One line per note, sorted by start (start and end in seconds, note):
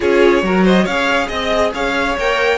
0.00 0.42 C#4
0.00 0.43 F4
0.00 0.42 G#4
0.00 0.65 C#5
0.42 0.85 F#3
0.42 0.87 F#4
0.42 0.64 A#4
0.64 0.83 C5
0.64 0.86 D#5
0.83 1.29 C#4
0.83 1.26 C#5
0.83 1.28 F5
0.89 2.19 G#4
1.28 1.73 C4
1.28 1.71 D#5
1.73 2.17 C#4
1.73 2.57 C#5
1.73 2.17 F5
2.17 2.57 A#3
2.17 2.57 A#4
2.17 2.57 G5